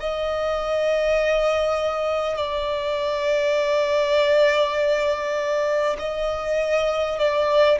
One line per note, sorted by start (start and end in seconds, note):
0.00 2.37 D#5
2.37 5.97 D5
5.99 7.18 D#5
7.18 7.78 D5